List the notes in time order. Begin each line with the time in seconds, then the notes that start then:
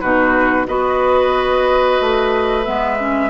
0.00 B2 D#4 F#4 B4
0.66 B3 F#4 B4 D#5
2.00 A3
2.64 G#3 B3 E5
2.99 C#4